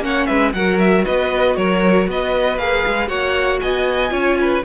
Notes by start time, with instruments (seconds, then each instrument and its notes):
0.00 cello A#3, viola C#4, violin C#5 F#5
0.26 cello G#3, violin B4 E5
0.53 cello F#3, viola F#4, violin A#4 F#5
0.79 violin E5
1.05 cello B3, violin B4 D#5
1.56 cello F#3, violin A#4 C#5
2.07 cello B3, violin B4 D#5
2.58 cello A#3, viola G#4, violin F5
2.87 cello G#3
3.08 cello A#3, viola F#4, violin C#5 F#5
3.60 cello B3, violin D#5 G#5
4.10 cello C#4, viola F4, violin C#5
4.41 violin B4